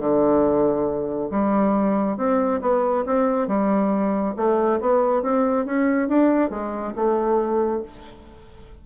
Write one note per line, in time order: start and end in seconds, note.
0.00 1.30 D3
1.31 2.17 G3
2.17 2.61 C4
2.61 3.05 B3
3.06 3.48 C4
3.48 4.35 G3
4.37 4.80 A3
4.81 5.23 B3
5.23 5.66 C4
5.66 6.09 C#4
6.09 6.50 D4
6.50 6.94 G#3
6.96 7.83 A3